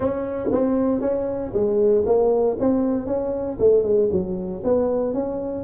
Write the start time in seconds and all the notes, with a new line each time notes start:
0.00 C#4
0.51 C4
1.00 C#4
1.53 G#3
2.05 A#3
2.59 C4
3.06 C#4
3.59 A3
3.83 G#3
4.11 F#3
4.63 B3
5.13 C#4